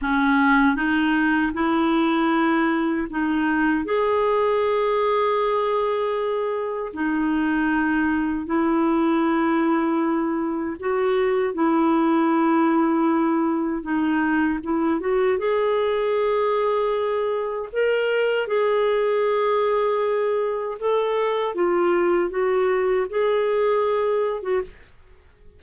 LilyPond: \new Staff \with { instrumentName = "clarinet" } { \time 4/4 \tempo 4 = 78 cis'4 dis'4 e'2 | dis'4 gis'2.~ | gis'4 dis'2 e'4~ | e'2 fis'4 e'4~ |
e'2 dis'4 e'8 fis'8 | gis'2. ais'4 | gis'2. a'4 | f'4 fis'4 gis'4.~ gis'16 fis'16 | }